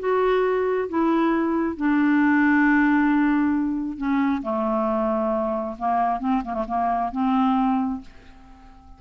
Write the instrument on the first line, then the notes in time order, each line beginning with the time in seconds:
clarinet
0.00 F#4
0.89 E4
1.77 D4
3.98 C#4
4.43 A3
5.79 A#3
6.20 C4
6.45 A#3
6.54 A3
6.68 A#3
7.12 C4